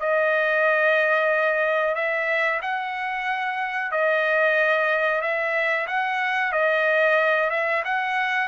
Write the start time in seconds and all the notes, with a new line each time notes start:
0.00 D#5
1.95 E5
2.62 F#5
3.91 D#5
5.21 E5
5.87 F#5
6.52 D#5
7.50 E5
7.85 F#5